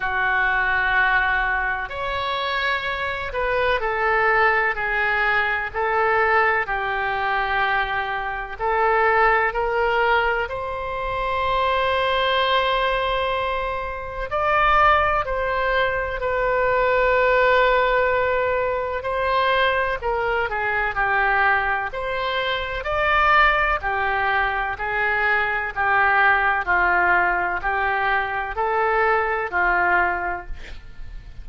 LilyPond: \new Staff \with { instrumentName = "oboe" } { \time 4/4 \tempo 4 = 63 fis'2 cis''4. b'8 | a'4 gis'4 a'4 g'4~ | g'4 a'4 ais'4 c''4~ | c''2. d''4 |
c''4 b'2. | c''4 ais'8 gis'8 g'4 c''4 | d''4 g'4 gis'4 g'4 | f'4 g'4 a'4 f'4 | }